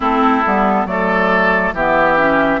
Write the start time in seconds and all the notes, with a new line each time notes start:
0.00 A3 C4 E4 A4
0.45 G3 B3
0.85 F#3 A3 A4 D5
1.73 E3 B3 G4 E5
2.17 C#4